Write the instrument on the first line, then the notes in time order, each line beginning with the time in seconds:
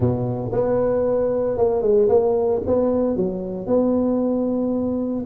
tuba
0.00 B2
0.52 B3
1.57 A#3
1.82 G#3
2.08 A#3
2.66 B3
3.16 F#3
3.66 B3